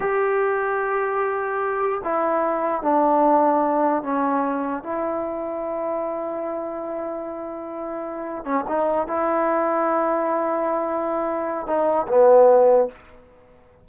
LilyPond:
\new Staff \with { instrumentName = "trombone" } { \time 4/4 \tempo 4 = 149 g'1~ | g'4 e'2 d'4~ | d'2 cis'2 | e'1~ |
e'1~ | e'4 cis'8 dis'4 e'4.~ | e'1~ | e'4 dis'4 b2 | }